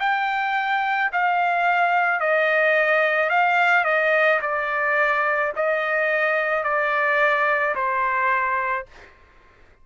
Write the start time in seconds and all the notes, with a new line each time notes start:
0.00 G5
1.13 F5
2.20 D#5
3.30 F5
3.85 D#5
4.42 D5
5.57 D#5
6.64 D5
7.75 C5